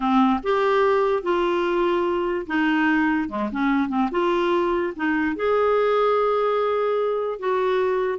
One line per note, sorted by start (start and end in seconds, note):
0.00 0.40 C4
0.43 1.23 G4
1.23 2.46 F4
2.46 3.29 D#4
3.29 3.49 G#3
3.52 3.89 C#4
3.89 4.09 C4
4.11 4.93 F4
4.96 5.36 D#4
5.36 7.39 G#4
7.39 8.19 F#4